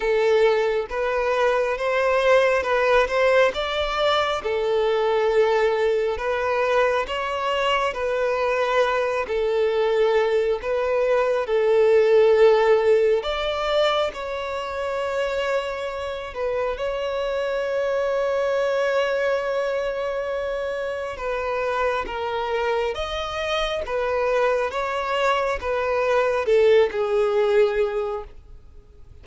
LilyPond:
\new Staff \with { instrumentName = "violin" } { \time 4/4 \tempo 4 = 68 a'4 b'4 c''4 b'8 c''8 | d''4 a'2 b'4 | cis''4 b'4. a'4. | b'4 a'2 d''4 |
cis''2~ cis''8 b'8 cis''4~ | cis''1 | b'4 ais'4 dis''4 b'4 | cis''4 b'4 a'8 gis'4. | }